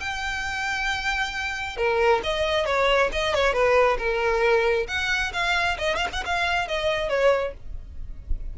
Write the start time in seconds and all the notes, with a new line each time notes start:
0.00 G5
1.77 A#4
2.24 D#5
2.66 C#5
3.13 D#5
3.35 C#5
3.54 B4
3.99 A#4
4.88 F#5
5.33 F5
5.78 D#5
5.97 F5
6.13 F#5
6.26 F5
6.68 D#5
7.09 C#5